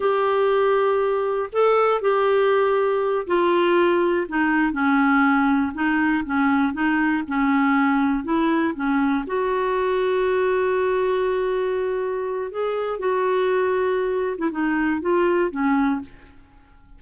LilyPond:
\new Staff \with { instrumentName = "clarinet" } { \time 4/4 \tempo 4 = 120 g'2. a'4 | g'2~ g'8 f'4.~ | f'8 dis'4 cis'2 dis'8~ | dis'8 cis'4 dis'4 cis'4.~ |
cis'8 e'4 cis'4 fis'4.~ | fis'1~ | fis'4 gis'4 fis'2~ | fis'8. e'16 dis'4 f'4 cis'4 | }